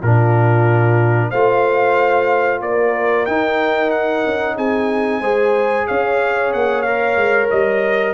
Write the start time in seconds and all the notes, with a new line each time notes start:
0.00 A#2 D4 F4 A#4
1.30 A3 F4 C5 F5
2.61 A#3 A#4 D5
3.25 D#4 G5
3.90 F#5
4.25 C#4
4.55 C4 G#4 G#5
5.20 G#3 G#4 C5
5.87 C#4 C#5 F5
6.52 A#3 F#5
6.81 A#4 F5
7.15 G#3
7.50 G3 D#5